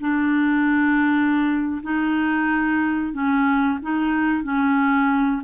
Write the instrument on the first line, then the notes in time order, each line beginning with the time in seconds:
clarinet
0.00 D4
1.82 D#4
3.13 C#4
3.82 D#4
4.43 C#4